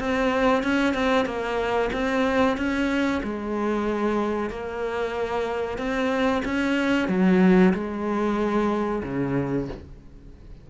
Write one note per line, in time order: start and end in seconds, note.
0.00 0.64 C4
0.64 0.95 C#4
0.95 1.26 C4
1.26 1.91 A#3
1.94 2.58 C4
2.58 3.22 C#4
3.24 4.50 G#3
4.50 5.79 A#3
5.79 6.43 C4
6.45 7.09 C#4
7.09 7.74 F#3
7.74 9.03 G#3
9.04 9.68 C#3